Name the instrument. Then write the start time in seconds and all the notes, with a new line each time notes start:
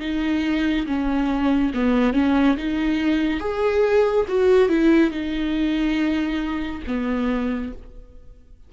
viola
0.00 D#4
0.86 C#4
1.74 B3
2.13 C#4
2.57 D#4
3.40 G#4
4.28 F#4
4.69 E4
5.10 D#4
6.86 B3